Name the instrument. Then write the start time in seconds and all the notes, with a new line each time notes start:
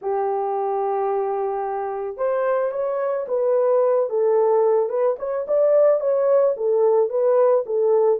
horn
0.01 G4
2.17 C5
2.71 C#5
3.28 B4
4.09 A4
4.89 B4
5.18 C#5
5.47 D5
6.00 C#5
6.57 A4
7.09 B4
7.66 A4